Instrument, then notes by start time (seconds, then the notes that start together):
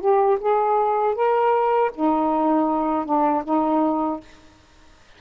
saxophone
0.00 G4
0.40 G#4
1.15 A#4
1.95 D#4
3.06 D4
3.44 D#4